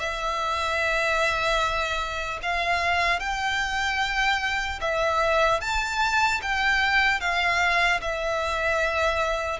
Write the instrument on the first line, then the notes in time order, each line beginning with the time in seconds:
violin
0.00 E5
2.43 F5
3.20 G5
4.81 E5
5.61 A5
6.43 G5
7.21 F5
8.01 E5